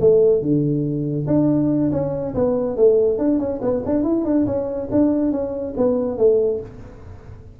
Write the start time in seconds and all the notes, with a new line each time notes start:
0.00 A3
0.41 D3
1.27 D4
1.91 C#4
2.34 B3
2.76 A3
3.18 D4
3.39 C#4
3.62 B3
3.85 D4
4.03 E4
4.24 D4
4.46 C#4
4.91 D4
5.31 C#4
5.77 B3
6.17 A3